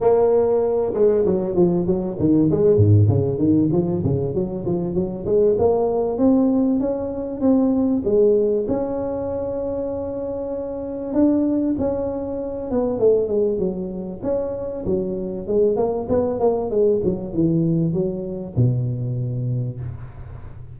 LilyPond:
\new Staff \with { instrumentName = "tuba" } { \time 4/4 \tempo 4 = 97 ais4. gis8 fis8 f8 fis8 dis8 | gis8 gis,8 cis8 dis8 f8 cis8 fis8 f8 | fis8 gis8 ais4 c'4 cis'4 | c'4 gis4 cis'2~ |
cis'2 d'4 cis'4~ | cis'8 b8 a8 gis8 fis4 cis'4 | fis4 gis8 ais8 b8 ais8 gis8 fis8 | e4 fis4 b,2 | }